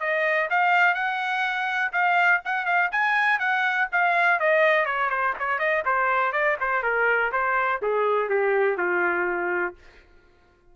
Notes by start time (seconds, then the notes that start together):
0.00 D#5
0.50 F5
0.94 F#5
1.92 F5
2.45 F#5
2.66 F5
2.92 G#5
3.39 F#5
3.92 F5
4.39 D#5
4.85 C#5
5.10 C5
5.39 C#5
5.59 D#5
5.85 C5
6.33 D5
6.60 C5
6.83 A#4
7.32 C5
7.82 G#4
8.29 G4
8.77 F4